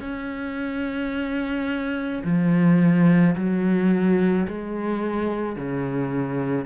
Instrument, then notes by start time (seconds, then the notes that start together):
cello
0.00 C#4
2.24 F3
3.35 F#3
4.47 G#3
5.56 C#3